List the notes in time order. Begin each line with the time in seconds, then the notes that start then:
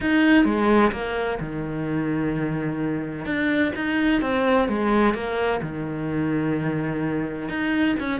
0.00 D#4
0.45 G#3
0.92 A#3
1.40 D#3
3.25 D4
3.75 D#4
4.21 C4
4.68 G#3
5.14 A#3
5.62 D#3
7.48 D#4
7.99 C#4